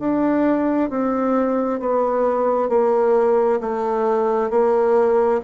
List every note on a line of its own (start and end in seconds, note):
0.00 0.90 D4
0.90 1.80 C4
1.80 2.69 B3
2.69 3.60 A#3
3.61 4.50 A3
4.50 5.41 A#3